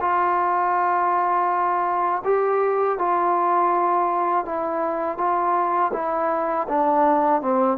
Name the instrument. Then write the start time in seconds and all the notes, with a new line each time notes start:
trombone
0.00 F4
2.24 G4
2.98 F4
4.45 E4
5.17 F4
5.93 E4
6.68 D4
7.41 C4